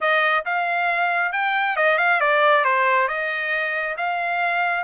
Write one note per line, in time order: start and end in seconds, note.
0.00 0.45 D#5
0.45 1.32 F5
1.32 1.76 G5
1.76 1.98 D#5
1.98 2.20 F5
2.20 2.64 D5
2.64 3.08 C5
3.08 3.96 D#5
3.97 4.84 F5